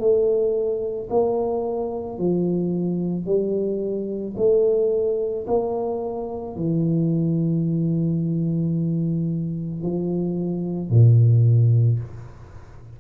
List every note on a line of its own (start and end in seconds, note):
0.00 1.09 A3
1.10 2.18 A#3
2.18 3.26 F3
3.26 4.35 G3
4.37 5.46 A3
5.47 6.56 A#3
6.56 9.83 E3
9.83 10.90 F3
10.90 11.99 A#2